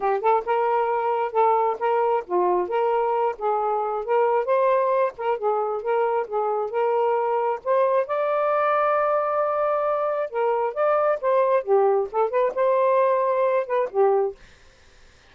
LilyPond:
\new Staff \with { instrumentName = "saxophone" } { \time 4/4 \tempo 4 = 134 g'8 a'8 ais'2 a'4 | ais'4 f'4 ais'4. gis'8~ | gis'4 ais'4 c''4. ais'8 | gis'4 ais'4 gis'4 ais'4~ |
ais'4 c''4 d''2~ | d''2. ais'4 | d''4 c''4 g'4 a'8 b'8 | c''2~ c''8 b'8 g'4 | }